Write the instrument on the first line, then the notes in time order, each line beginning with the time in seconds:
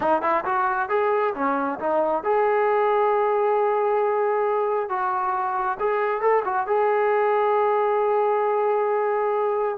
trombone
0.00 D#4
0.22 E4
0.44 F#4
0.89 G#4
1.34 C#4
1.79 D#4
2.23 G#4
4.89 F#4
5.79 G#4
6.21 A4
6.44 F#4
6.66 G#4